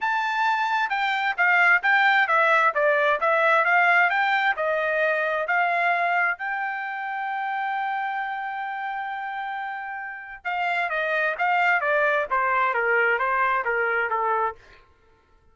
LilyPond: \new Staff \with { instrumentName = "trumpet" } { \time 4/4 \tempo 4 = 132 a''2 g''4 f''4 | g''4 e''4 d''4 e''4 | f''4 g''4 dis''2 | f''2 g''2~ |
g''1~ | g''2. f''4 | dis''4 f''4 d''4 c''4 | ais'4 c''4 ais'4 a'4 | }